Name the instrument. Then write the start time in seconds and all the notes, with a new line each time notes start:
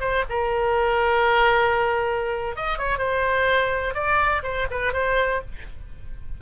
oboe
0.00 C5
0.29 A#4
2.55 D#5
2.78 C#5
2.98 C5
3.94 D5
4.42 C5
4.70 B4
4.93 C5